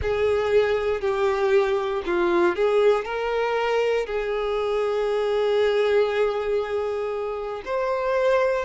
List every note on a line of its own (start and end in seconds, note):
0.01 1.00 G#4
1.00 2.02 G4
2.05 2.55 F4
2.55 3.04 G#4
3.04 4.06 A#4
4.06 7.62 G#4
7.65 8.65 C5